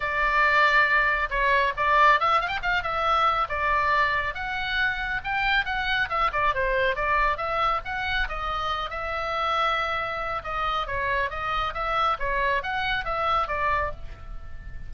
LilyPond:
\new Staff \with { instrumentName = "oboe" } { \time 4/4 \tempo 4 = 138 d''2. cis''4 | d''4 e''8 f''16 g''16 f''8 e''4. | d''2 fis''2 | g''4 fis''4 e''8 d''8 c''4 |
d''4 e''4 fis''4 dis''4~ | dis''8 e''2.~ e''8 | dis''4 cis''4 dis''4 e''4 | cis''4 fis''4 e''4 d''4 | }